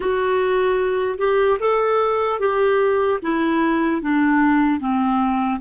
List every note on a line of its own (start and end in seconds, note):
0.00 1.18 F#4
1.18 1.58 G4
1.59 2.39 A4
2.39 3.19 G4
3.22 4.01 E4
4.01 4.80 D4
4.80 5.60 C4